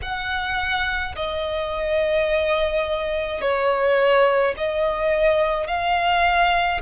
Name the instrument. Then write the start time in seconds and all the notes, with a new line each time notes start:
violin
0.02 F#5
1.15 D#5
3.41 C#5
4.56 D#5
5.67 F5